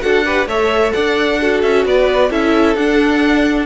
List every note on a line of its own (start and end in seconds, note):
0.00 0.46 D4
0.00 0.23 F#4
0.00 0.25 A4
0.00 0.47 F#5
0.25 0.48 G4
0.25 0.47 B4
0.46 0.92 A3
0.46 1.40 A4
0.46 0.93 C#5
0.46 0.92 E5
0.92 1.63 D4
0.92 1.39 D5
0.92 1.61 F#5
1.40 2.30 F#4
1.40 1.86 A4
1.62 1.85 C#4
1.62 1.84 E5
1.85 2.30 B3
1.85 2.30 B4
1.85 2.31 D5
2.30 2.75 C#4
2.30 2.76 E4
2.30 3.66 A4
2.30 2.76 E5
2.75 3.66 D4
2.75 3.66 F#5